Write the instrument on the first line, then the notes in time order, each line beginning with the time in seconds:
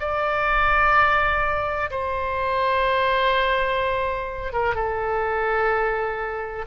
oboe
0.00 D5
1.91 C5
4.53 A#4
4.75 A4